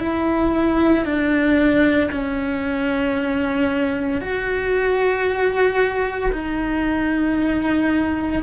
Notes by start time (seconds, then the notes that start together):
0.00 E4
1.05 D4
2.11 C#4
4.21 F#4
6.32 D#4